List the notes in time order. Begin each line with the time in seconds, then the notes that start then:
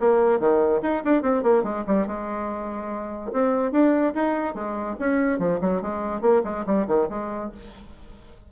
0.00 A#3
0.40 D#3
0.83 D#4
1.05 D4
1.23 C4
1.43 A#3
1.64 G#3
1.87 G3
2.07 G#3
3.33 C4
3.72 D4
4.15 D#4
4.55 G#3
5.00 C#4
5.39 F3
5.62 F#3
5.82 G#3
6.22 A#3
6.45 G#3
6.67 G3
6.88 D#3
7.10 G#3